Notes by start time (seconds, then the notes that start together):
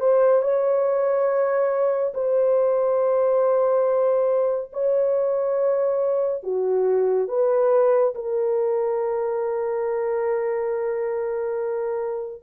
0.00 C5
0.42 C#5
2.14 C5
4.73 C#5
6.43 F#4
7.28 B4
8.15 A#4